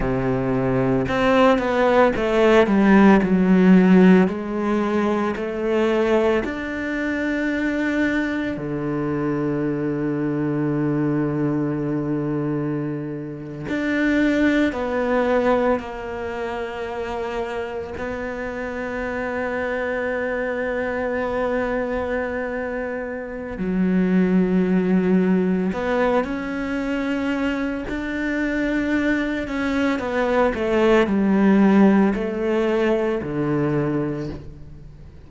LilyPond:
\new Staff \with { instrumentName = "cello" } { \time 4/4 \tempo 4 = 56 c4 c'8 b8 a8 g8 fis4 | gis4 a4 d'2 | d1~ | d8. d'4 b4 ais4~ ais16~ |
ais8. b2.~ b16~ | b2 fis2 | b8 cis'4. d'4. cis'8 | b8 a8 g4 a4 d4 | }